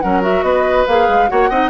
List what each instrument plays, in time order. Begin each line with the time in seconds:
0.00 bassoon F#3, clarinet C#4, oboe A#4, flute F#5
0.22 clarinet F#4, flute E5
0.43 bassoon B3, oboe B4, flute D#5
0.87 bassoon A#3, clarinet G#4, flute F5
1.08 bassoon G#3
1.28 bassoon A#3, clarinet F#4, oboe C#5, flute F#5
1.50 bassoon C4, clarinet D#4, oboe D#5